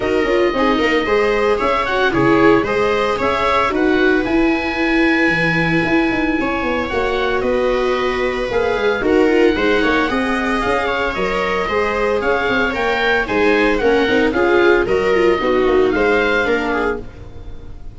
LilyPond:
<<
  \new Staff \with { instrumentName = "oboe" } { \time 4/4 \tempo 4 = 113 dis''2. e''8 fis''8 | cis''4 dis''4 e''4 fis''4 | gis''1~ | gis''4 fis''4 dis''2 |
f''4 fis''2. | f''4 dis''2 f''4 | g''4 gis''4 fis''4 f''4 | dis''2 f''2 | }
  \new Staff \with { instrumentName = "viola" } { \time 4/4 ais'4 gis'8 ais'8 c''4 cis''4 | gis'4 c''4 cis''4 b'4~ | b'1 | cis''2 b'2~ |
b'4 ais'4 c''8 cis''8 dis''4~ | dis''8 cis''4. c''4 cis''4~ | cis''4 c''4 ais'4 gis'4 | ais'4 fis'4 c''4 ais'8 gis'8 | }
  \new Staff \with { instrumentName = "viola" } { \time 4/4 fis'8 f'8 dis'4 gis'4. fis'8 | e'4 gis'2 fis'4 | e'1~ | e'4 fis'2. |
gis'4 fis'8 f'8 dis'4 gis'4~ | gis'4 ais'4 gis'2 | ais'4 dis'4 cis'8 dis'8 f'4 | fis'8 f'8 dis'2 d'4 | }
  \new Staff \with { instrumentName = "tuba" } { \time 4/4 dis'8 cis'8 c'8 ais8 gis4 cis'4 | cis4 gis4 cis'4 dis'4 | e'2 e4 e'8 dis'8 | cis'8 b8 ais4 b2 |
ais8 gis8 dis'4 gis8 ais8 c'4 | cis'4 fis4 gis4 cis'8 c'8 | ais4 gis4 ais8 c'8 cis'4 | fis4 b8 ais8 gis4 ais4 | }
>>